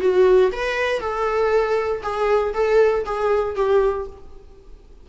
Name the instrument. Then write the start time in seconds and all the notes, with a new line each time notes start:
viola
0.00 F#4
0.52 B4
1.00 A4
2.03 G#4
2.54 A4
3.05 G#4
3.56 G4